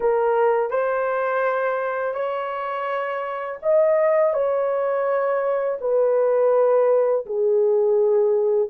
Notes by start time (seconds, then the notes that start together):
0.00 A#4
0.70 C5
2.14 C#5
3.62 D#5
4.33 C#5
5.81 B4
7.26 G#4